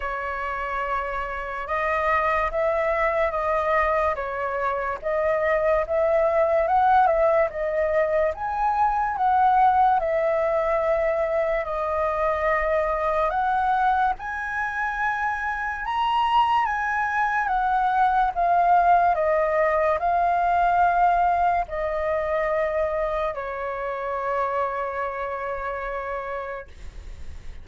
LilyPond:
\new Staff \with { instrumentName = "flute" } { \time 4/4 \tempo 4 = 72 cis''2 dis''4 e''4 | dis''4 cis''4 dis''4 e''4 | fis''8 e''8 dis''4 gis''4 fis''4 | e''2 dis''2 |
fis''4 gis''2 ais''4 | gis''4 fis''4 f''4 dis''4 | f''2 dis''2 | cis''1 | }